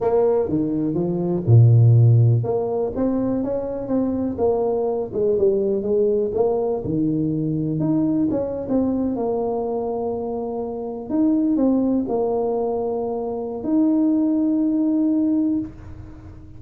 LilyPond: \new Staff \with { instrumentName = "tuba" } { \time 4/4 \tempo 4 = 123 ais4 dis4 f4 ais,4~ | ais,4 ais4 c'4 cis'4 | c'4 ais4. gis8 g4 | gis4 ais4 dis2 |
dis'4 cis'8. c'4 ais4~ ais16~ | ais2~ ais8. dis'4 c'16~ | c'8. ais2.~ ais16 | dis'1 | }